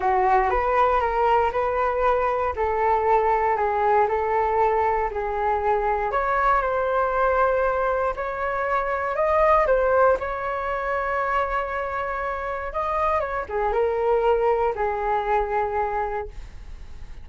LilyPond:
\new Staff \with { instrumentName = "flute" } { \time 4/4 \tempo 4 = 118 fis'4 b'4 ais'4 b'4~ | b'4 a'2 gis'4 | a'2 gis'2 | cis''4 c''2. |
cis''2 dis''4 c''4 | cis''1~ | cis''4 dis''4 cis''8 gis'8 ais'4~ | ais'4 gis'2. | }